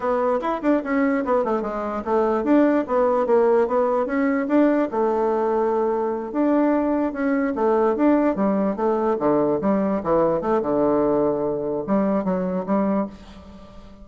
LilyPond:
\new Staff \with { instrumentName = "bassoon" } { \time 4/4 \tempo 4 = 147 b4 e'8 d'8 cis'4 b8 a8 | gis4 a4 d'4 b4 | ais4 b4 cis'4 d'4 | a2.~ a8 d'8~ |
d'4. cis'4 a4 d'8~ | d'8 g4 a4 d4 g8~ | g8 e4 a8 d2~ | d4 g4 fis4 g4 | }